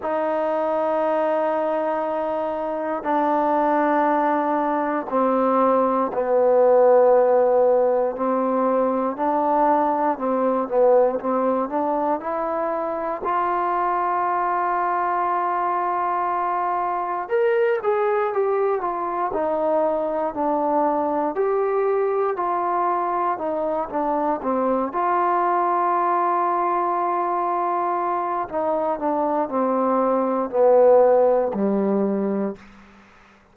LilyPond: \new Staff \with { instrumentName = "trombone" } { \time 4/4 \tempo 4 = 59 dis'2. d'4~ | d'4 c'4 b2 | c'4 d'4 c'8 b8 c'8 d'8 | e'4 f'2.~ |
f'4 ais'8 gis'8 g'8 f'8 dis'4 | d'4 g'4 f'4 dis'8 d'8 | c'8 f'2.~ f'8 | dis'8 d'8 c'4 b4 g4 | }